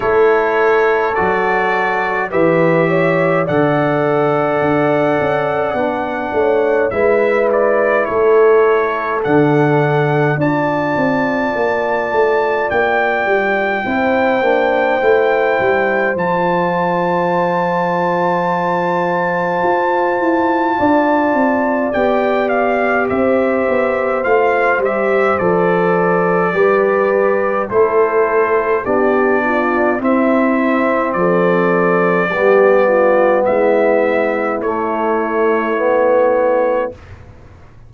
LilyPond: <<
  \new Staff \with { instrumentName = "trumpet" } { \time 4/4 \tempo 4 = 52 cis''4 d''4 e''4 fis''4~ | fis''2 e''8 d''8 cis''4 | fis''4 a''2 g''4~ | g''2 a''2~ |
a''2. g''8 f''8 | e''4 f''8 e''8 d''2 | c''4 d''4 e''4 d''4~ | d''4 e''4 cis''2 | }
  \new Staff \with { instrumentName = "horn" } { \time 4/4 a'2 b'8 cis''8 d''4~ | d''4. cis''8 b'4 a'4~ | a'4 d''2. | c''1~ |
c''2 d''2 | c''2. b'4 | a'4 g'8 f'8 e'4 a'4 | g'8 f'8 e'2. | }
  \new Staff \with { instrumentName = "trombone" } { \time 4/4 e'4 fis'4 g'4 a'4~ | a'4 d'4 e'2 | d'4 f'2. | e'8 d'8 e'4 f'2~ |
f'2. g'4~ | g'4 f'8 g'8 a'4 g'4 | e'4 d'4 c'2 | b2 a4 b4 | }
  \new Staff \with { instrumentName = "tuba" } { \time 4/4 a4 fis4 e4 d4 | d'8 cis'8 b8 a8 gis4 a4 | d4 d'8 c'8 ais8 a8 ais8 g8 | c'8 ais8 a8 g8 f2~ |
f4 f'8 e'8 d'8 c'8 b4 | c'8 b8 a8 g8 f4 g4 | a4 b4 c'4 f4 | g4 gis4 a2 | }
>>